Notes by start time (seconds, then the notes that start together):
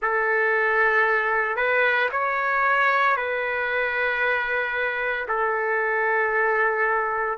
0.02 A4
1.56 B4
2.11 C#5
3.16 B4
5.27 A4